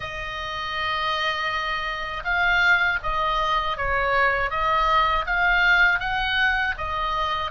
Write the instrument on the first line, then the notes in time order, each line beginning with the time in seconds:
oboe
0.00 D#5
2.24 F5
3.02 D#5
3.77 C#5
4.50 D#5
5.25 F5
5.99 F#5
6.77 D#5